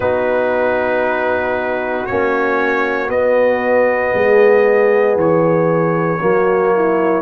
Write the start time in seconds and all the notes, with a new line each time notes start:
0.00 B3 D#4 F#4 B4
2.06 A#3 C#4 C#5
3.07 B3 D#5
4.14 G#3 G#4
5.15 E3 C#5
6.20 F#3 A#3 F#4
6.74 E4